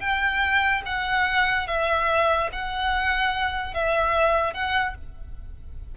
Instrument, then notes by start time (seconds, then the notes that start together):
violin
0.00 G5
0.86 F#5
1.67 E5
2.52 F#5
3.74 E5
4.53 F#5